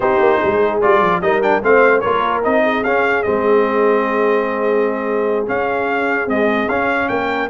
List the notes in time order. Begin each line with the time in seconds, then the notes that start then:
0.00 C4 D#4 G4 C5
0.19 A#3
0.38 G#3 G#4
0.81 G3 F4 D5
1.01 F3
1.21 G3 D#4 A#4 D#5
1.41 D4 G5
1.62 A3 C4 C5 F5
2.00 A#3 F4 A#4 C#5
2.43 C4 D#4 D#5
2.62 G#4
2.83 C#4 F5
3.23 G#3 C4 D#5
5.46 C#4 F5
6.26 G#3 C4 D#5
6.68 C#4 F5
7.08 A#3 A#4 G5